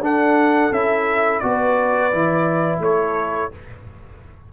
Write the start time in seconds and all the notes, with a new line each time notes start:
0.00 D4 A4 F#5
0.72 C#4 E4 E5
1.39 B3 F#4 D5
1.46 B4
2.12 E3 E4
2.79 A3 A4 C#5